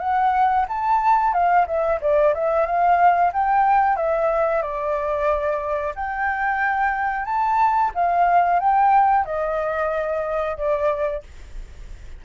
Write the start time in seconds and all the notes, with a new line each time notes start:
0.00 F#5
0.69 A5
1.33 F5
1.67 E5
2.01 D5
2.35 E5
2.66 F5
3.33 G5
3.97 E5
4.62 D5
5.96 G5
7.26 A5
7.95 F5
8.60 G5
9.26 D#5
10.57 D5